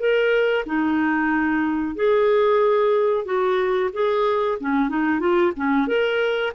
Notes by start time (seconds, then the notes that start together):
0.00 A#4
0.66 D#4
1.96 G#4
3.25 F#4
3.94 G#4
4.60 C#4
4.89 D#4
5.20 F4
5.57 C#4
5.88 A#4